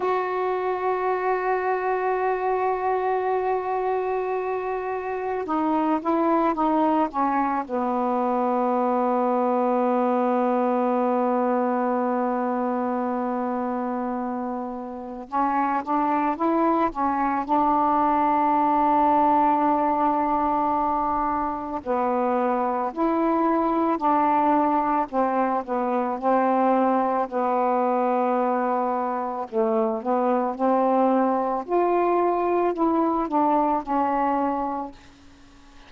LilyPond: \new Staff \with { instrumentName = "saxophone" } { \time 4/4 \tempo 4 = 55 fis'1~ | fis'4 dis'8 e'8 dis'8 cis'8 b4~ | b1~ | b2 cis'8 d'8 e'8 cis'8 |
d'1 | b4 e'4 d'4 c'8 b8 | c'4 b2 a8 b8 | c'4 f'4 e'8 d'8 cis'4 | }